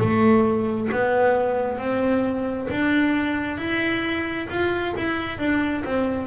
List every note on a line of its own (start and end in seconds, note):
0.00 0.90 A3
0.92 1.78 B3
1.78 2.68 C4
2.71 3.58 D4
3.58 4.47 E4
4.49 4.94 F4
4.97 5.39 E4
5.39 5.84 D4
5.85 6.26 C4